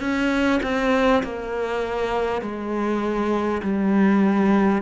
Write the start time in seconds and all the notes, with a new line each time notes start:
0.00 C#4
0.63 C4
1.23 A#3
2.42 G#3
3.62 G3